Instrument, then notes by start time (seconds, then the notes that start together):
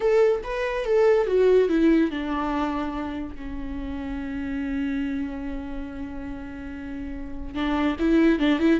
viola
0.00 A4
0.43 B4
0.85 A4
1.26 F#4
1.68 E4
2.10 D4
3.35 C#4
7.54 D4
7.99 E4
8.39 D4
8.59 E4